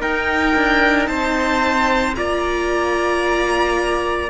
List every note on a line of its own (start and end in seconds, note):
0.00 2.14 D#4
0.00 0.55 D#4
0.00 1.08 A#4
0.00 1.07 G5
0.55 1.07 D4
1.07 2.14 C4
1.07 2.16 C5
1.07 2.14 A5
2.15 4.29 A#3
2.15 4.29 F4
2.15 4.29 D5
2.15 4.29 A#5